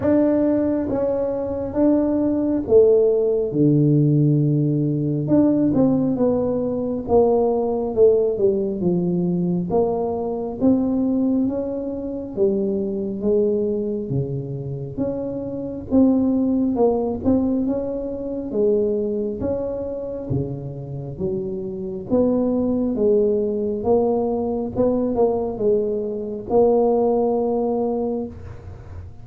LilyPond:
\new Staff \with { instrumentName = "tuba" } { \time 4/4 \tempo 4 = 68 d'4 cis'4 d'4 a4 | d2 d'8 c'8 b4 | ais4 a8 g8 f4 ais4 | c'4 cis'4 g4 gis4 |
cis4 cis'4 c'4 ais8 c'8 | cis'4 gis4 cis'4 cis4 | fis4 b4 gis4 ais4 | b8 ais8 gis4 ais2 | }